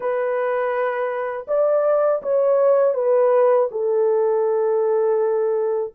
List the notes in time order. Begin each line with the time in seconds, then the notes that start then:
0.00 B4
1.47 D5
2.22 C#5
2.94 B4
3.71 A4